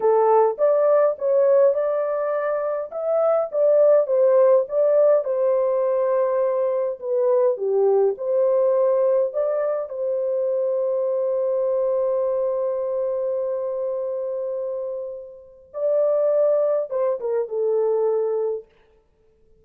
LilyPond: \new Staff \with { instrumentName = "horn" } { \time 4/4 \tempo 4 = 103 a'4 d''4 cis''4 d''4~ | d''4 e''4 d''4 c''4 | d''4 c''2. | b'4 g'4 c''2 |
d''4 c''2.~ | c''1~ | c''2. d''4~ | d''4 c''8 ais'8 a'2 | }